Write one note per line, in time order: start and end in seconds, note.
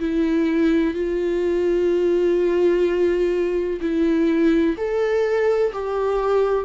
0.00 0.95 E4
0.95 3.81 F4
3.81 4.77 E4
4.77 5.73 A4
5.74 6.65 G4